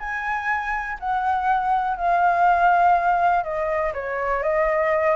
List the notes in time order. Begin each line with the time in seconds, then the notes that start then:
0.00 G#5
1.00 F#5
1.97 F5
3.44 D#5
3.94 C#5
4.43 D#5